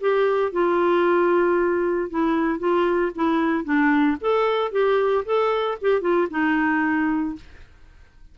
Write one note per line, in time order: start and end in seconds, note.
0.00 0.52 G4
0.52 2.10 F4
2.10 2.59 E4
2.59 3.11 F4
3.15 3.64 E4
3.64 4.17 D4
4.21 4.71 A4
4.71 5.24 G4
5.25 5.78 A4
5.81 6.01 G4
6.01 6.27 F4
6.30 7.35 D#4